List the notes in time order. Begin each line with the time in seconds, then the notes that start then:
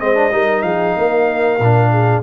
0.00 G#3 C4 C5 D#5
0.15 D4
0.32 G3 D#4 A#4
0.62 F3 G#4 F5
0.97 A#3 A#4
1.60 A#2 D4
1.91 G#4